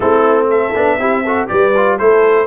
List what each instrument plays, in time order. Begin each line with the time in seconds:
0.00 tuba A3, trombone C4, horn E4, trumpet A4
0.49 horn A4, trumpet E5
0.74 tuba B3, trombone D4
0.98 tuba C4, trombone E4, horn G4
1.24 trombone F#4, horn A4
1.47 tuba G3, trombone G4, horn B4, trumpet D5
1.76 trombone F4
1.97 tuba A3, trombone E4, horn A4, trumpet C5